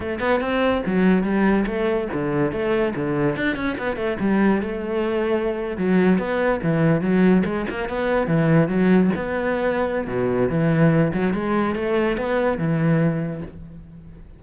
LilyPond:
\new Staff \with { instrumentName = "cello" } { \time 4/4 \tempo 4 = 143 a8 b8 c'4 fis4 g4 | a4 d4 a4 d4 | d'8 cis'8 b8 a8 g4 a4~ | a4.~ a16 fis4 b4 e16~ |
e8. fis4 gis8 ais8 b4 e16~ | e8. fis4 b2~ b16 | b,4 e4. fis8 gis4 | a4 b4 e2 | }